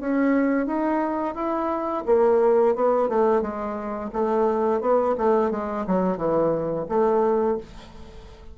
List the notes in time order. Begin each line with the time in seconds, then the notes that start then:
0.00 C#4
0.66 D#4
1.35 E4
2.06 A#3
2.75 B3
3.09 A3
3.42 G#3
4.13 A3
4.81 B3
5.18 A3
5.51 G#3
5.87 F#3
6.17 E3
6.89 A3